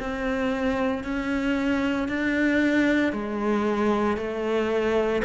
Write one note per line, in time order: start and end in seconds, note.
0.00 1.04 C4
1.04 2.08 C#4
2.08 3.12 D4
3.12 4.17 G#3
4.17 5.22 A3